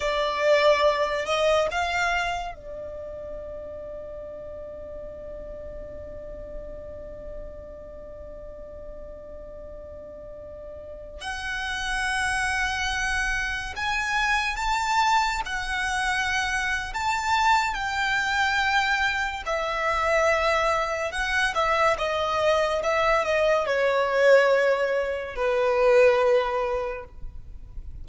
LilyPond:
\new Staff \with { instrumentName = "violin" } { \time 4/4 \tempo 4 = 71 d''4. dis''8 f''4 d''4~ | d''1~ | d''1~ | d''4~ d''16 fis''2~ fis''8.~ |
fis''16 gis''4 a''4 fis''4.~ fis''16 | a''4 g''2 e''4~ | e''4 fis''8 e''8 dis''4 e''8 dis''8 | cis''2 b'2 | }